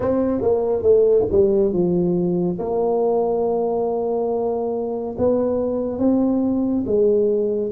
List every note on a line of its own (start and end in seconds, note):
0.00 0.41 C4
0.41 0.82 A#3
0.82 1.25 A3
1.31 1.72 G3
1.72 2.58 F3
2.59 5.16 A#3
5.17 5.98 B3
5.98 6.84 C4
6.86 7.72 G#3